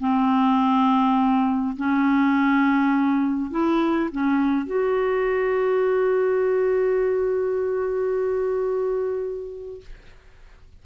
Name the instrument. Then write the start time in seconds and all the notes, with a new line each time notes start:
clarinet
0.00 C4
1.77 C#4
3.51 E4
4.11 C#4
4.67 F#4